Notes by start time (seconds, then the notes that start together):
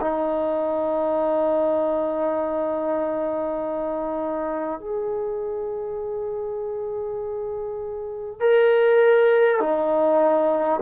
0.00 D#4
4.80 G#4
8.40 A#4
9.59 D#4